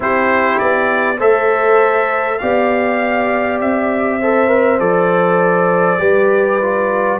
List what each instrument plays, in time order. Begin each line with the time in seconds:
0.00 tuba C4, trombone E4, horn G4, trumpet C5
0.58 tuba B3, trumpet D5
1.18 tuba A3, trombone A4, horn C5, trumpet E5
2.38 tuba B3, trombone G4, horn D5, trumpet F5
3.60 tuba C4, trumpet E5
4.20 trombone A4, horn C5
4.48 trombone A#4
4.79 tuba F3, trombone A4, trumpet D5
5.99 tuba G3, trombone G4, horn B4
6.61 trombone F4